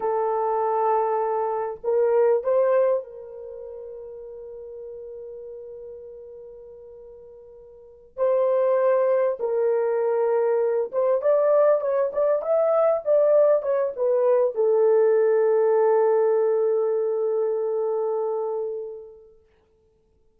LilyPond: \new Staff \with { instrumentName = "horn" } { \time 4/4 \tempo 4 = 99 a'2. ais'4 | c''4 ais'2.~ | ais'1~ | ais'4. c''2 ais'8~ |
ais'2 c''8 d''4 cis''8 | d''8 e''4 d''4 cis''8 b'4 | a'1~ | a'1 | }